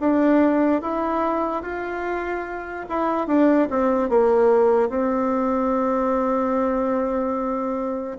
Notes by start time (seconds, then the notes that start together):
0.00 D4
0.81 E4
1.62 F4
2.89 E4
3.27 D4
3.70 C4
4.09 A#3
4.89 C4